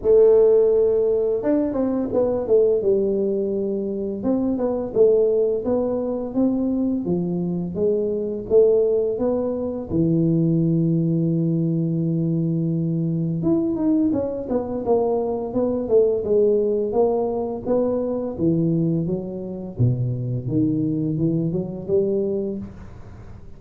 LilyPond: \new Staff \with { instrumentName = "tuba" } { \time 4/4 \tempo 4 = 85 a2 d'8 c'8 b8 a8 | g2 c'8 b8 a4 | b4 c'4 f4 gis4 | a4 b4 e2~ |
e2. e'8 dis'8 | cis'8 b8 ais4 b8 a8 gis4 | ais4 b4 e4 fis4 | b,4 dis4 e8 fis8 g4 | }